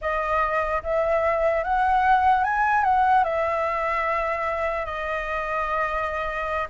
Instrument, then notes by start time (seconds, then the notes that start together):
flute
0.01 D#5
0.83 E5
1.63 F#5
2.43 G#5
2.84 F#5
3.24 E5
4.85 D#5